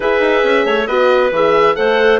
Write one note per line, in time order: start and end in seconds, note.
0.00 0.20 E4
0.00 0.87 G#4
0.00 0.65 B4
0.00 0.86 E5
0.20 0.42 D#4
0.43 0.65 C#4
0.65 0.87 A3
0.65 0.87 C#5
0.86 1.31 B3
0.86 1.32 F#4
0.86 1.75 B4
0.86 1.30 D#5
1.31 1.75 E3
1.31 1.75 G#4
1.31 1.75 E5
1.75 2.19 A3
1.75 2.19 A4
1.75 2.19 C5
1.75 2.19 F#5